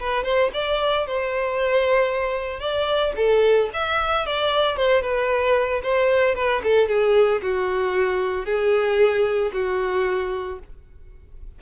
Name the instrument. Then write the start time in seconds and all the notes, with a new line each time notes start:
violin
0.00 B4
0.24 C5
0.54 D5
1.07 C5
2.60 D5
3.16 A4
3.73 E5
4.26 D5
4.77 C5
5.02 B4
5.83 C5
6.35 B4
6.63 A4
6.88 G#4
7.42 F#4
8.46 G#4
9.53 F#4